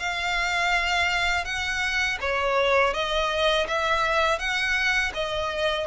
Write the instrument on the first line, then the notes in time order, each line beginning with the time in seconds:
violin
0.00 F5
1.46 F#5
2.21 C#5
2.94 D#5
3.68 E5
4.39 F#5
5.15 D#5